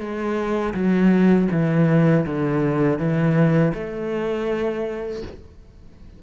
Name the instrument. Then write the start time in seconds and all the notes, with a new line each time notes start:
cello
0.00 G#3
0.74 F#3
1.52 E3
2.27 D3
2.99 E3
3.75 A3